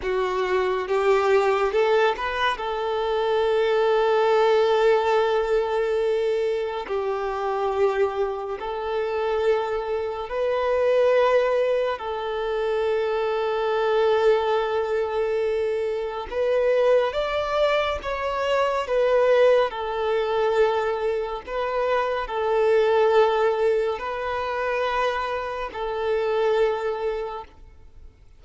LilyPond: \new Staff \with { instrumentName = "violin" } { \time 4/4 \tempo 4 = 70 fis'4 g'4 a'8 b'8 a'4~ | a'1 | g'2 a'2 | b'2 a'2~ |
a'2. b'4 | d''4 cis''4 b'4 a'4~ | a'4 b'4 a'2 | b'2 a'2 | }